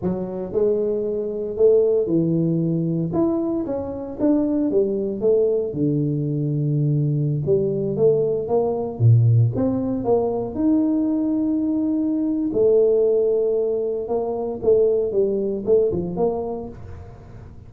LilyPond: \new Staff \with { instrumentName = "tuba" } { \time 4/4 \tempo 4 = 115 fis4 gis2 a4 | e2 e'4 cis'4 | d'4 g4 a4 d4~ | d2~ d16 g4 a8.~ |
a16 ais4 ais,4 c'4 ais8.~ | ais16 dis'2.~ dis'8. | a2. ais4 | a4 g4 a8 f8 ais4 | }